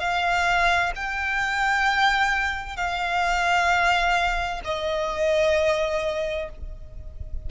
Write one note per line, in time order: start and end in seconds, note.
0.00 0.92 F5
0.96 2.77 G5
2.77 4.62 F5
4.65 6.50 D#5